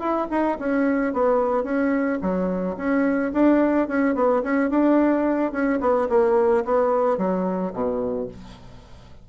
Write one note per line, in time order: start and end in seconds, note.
0.00 0.28 E4
0.31 0.58 D#4
0.59 1.14 C#4
1.14 1.64 B3
1.64 2.19 C#4
2.22 2.77 F#3
2.77 3.32 C#4
3.33 3.88 D4
3.88 4.15 C#4
4.15 4.43 B3
4.43 4.70 C#4
4.70 5.52 D4
5.52 5.80 C#4
5.81 6.08 B3
6.10 6.65 A#3
6.65 7.18 B3
7.18 7.73 F#3
7.73 8.28 B2